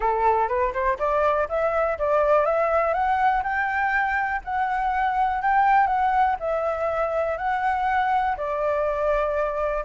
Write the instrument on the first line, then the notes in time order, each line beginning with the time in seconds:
flute
0.00 A4
0.48 B4
0.73 C5
0.98 D5
1.48 E5
1.98 D5
2.45 E5
2.93 F#5
3.43 G5
4.44 F#5
5.42 G5
5.86 F#5
6.39 E5
7.37 F#5
8.37 D5